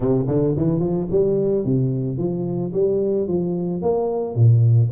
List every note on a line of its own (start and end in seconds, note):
0.00 0.26 C3
0.27 0.55 D3
0.57 0.79 E3
0.79 1.06 F3
1.10 1.64 G3
1.64 2.17 C3
2.17 2.71 F3
2.73 3.27 G3
3.27 3.82 F3
3.82 4.35 A#3
4.35 4.90 A#2